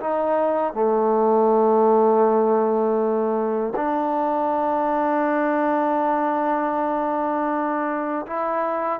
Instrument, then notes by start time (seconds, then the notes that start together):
trombone
0.00 D#4
0.74 A3
3.76 D4
8.26 E4